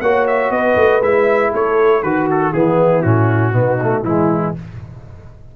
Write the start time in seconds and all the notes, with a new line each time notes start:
0.00 A#3 F#4 C#5 F#5
0.27 E5
0.50 B3 B4 D#5
0.76 A3
1.01 G#3 E4 E5
1.50 A3 A4 C#5
2.02 D#3 F#4 B4
2.30 A4
2.51 E3 B3 E4 G#4
3.02 A2 C#4 F#4
3.52 B2 B3 D#4
3.82 A3
4.02 E3 G#3 E4